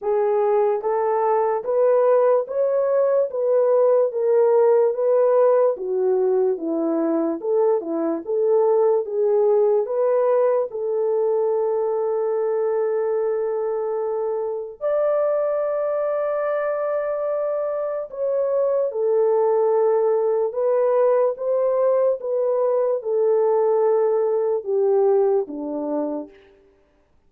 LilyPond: \new Staff \with { instrumentName = "horn" } { \time 4/4 \tempo 4 = 73 gis'4 a'4 b'4 cis''4 | b'4 ais'4 b'4 fis'4 | e'4 a'8 e'8 a'4 gis'4 | b'4 a'2.~ |
a'2 d''2~ | d''2 cis''4 a'4~ | a'4 b'4 c''4 b'4 | a'2 g'4 d'4 | }